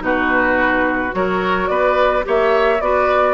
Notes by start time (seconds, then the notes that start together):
0.00 B2 D#4 F#4 B4
1.11 F#3 F#4 A#4 C#5
1.68 B3 B4 D5
2.24 A#3 G4 C#5 E5
2.81 B3 F#4 B4 D5